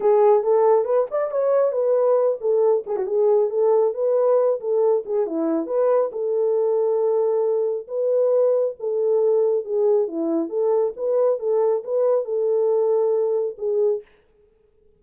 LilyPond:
\new Staff \with { instrumentName = "horn" } { \time 4/4 \tempo 4 = 137 gis'4 a'4 b'8 d''8 cis''4 | b'4. a'4 gis'16 fis'16 gis'4 | a'4 b'4. a'4 gis'8 | e'4 b'4 a'2~ |
a'2 b'2 | a'2 gis'4 e'4 | a'4 b'4 a'4 b'4 | a'2. gis'4 | }